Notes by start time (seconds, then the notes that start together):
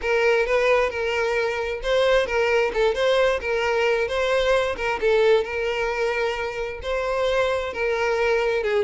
0.01 A#4
0.46 B4
0.90 A#4
1.82 C5
2.26 A#4
2.73 A4
2.94 C5
3.40 A#4
4.08 C5
4.76 A#4
5.00 A4
5.44 A#4
6.82 C5
7.73 A#4
8.63 G#4